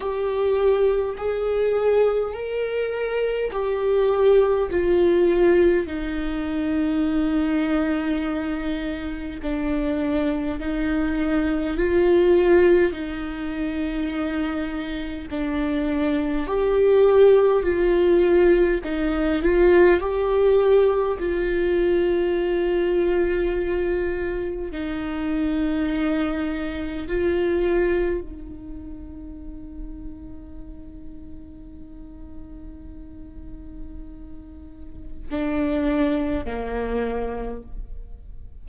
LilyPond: \new Staff \with { instrumentName = "viola" } { \time 4/4 \tempo 4 = 51 g'4 gis'4 ais'4 g'4 | f'4 dis'2. | d'4 dis'4 f'4 dis'4~ | dis'4 d'4 g'4 f'4 |
dis'8 f'8 g'4 f'2~ | f'4 dis'2 f'4 | dis'1~ | dis'2 d'4 ais4 | }